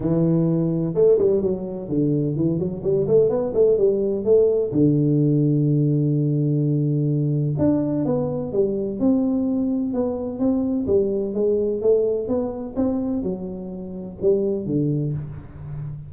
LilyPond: \new Staff \with { instrumentName = "tuba" } { \time 4/4 \tempo 4 = 127 e2 a8 g8 fis4 | d4 e8 fis8 g8 a8 b8 a8 | g4 a4 d2~ | d1 |
d'4 b4 g4 c'4~ | c'4 b4 c'4 g4 | gis4 a4 b4 c'4 | fis2 g4 d4 | }